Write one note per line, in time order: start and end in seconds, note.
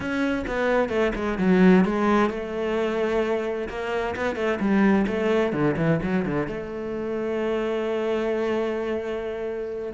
0.00 0.44 C#4
0.47 0.89 B3
0.89 1.12 A3
1.15 1.38 G#3
1.38 1.84 F#3
1.84 2.30 G#3
2.30 3.68 A3
3.68 4.15 A#3
4.16 4.35 B3
4.35 4.58 A3
4.59 5.06 G3
5.07 5.52 A3
5.52 5.75 D3
5.77 6.00 E3
6.03 6.25 F#3
6.25 6.47 D3
6.47 9.93 A3